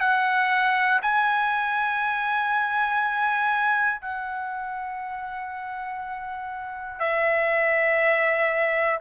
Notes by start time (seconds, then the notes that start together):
0.00 F#5
1.02 G#5
4.01 F#5
7.00 E5